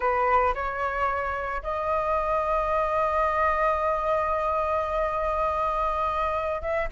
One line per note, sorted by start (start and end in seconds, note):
0.00 0.54 B4
0.54 1.62 C#5
1.62 6.61 D#5
6.61 6.88 E5